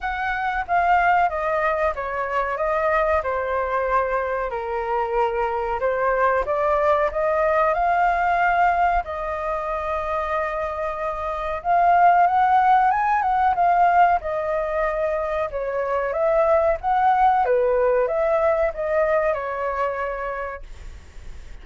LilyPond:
\new Staff \with { instrumentName = "flute" } { \time 4/4 \tempo 4 = 93 fis''4 f''4 dis''4 cis''4 | dis''4 c''2 ais'4~ | ais'4 c''4 d''4 dis''4 | f''2 dis''2~ |
dis''2 f''4 fis''4 | gis''8 fis''8 f''4 dis''2 | cis''4 e''4 fis''4 b'4 | e''4 dis''4 cis''2 | }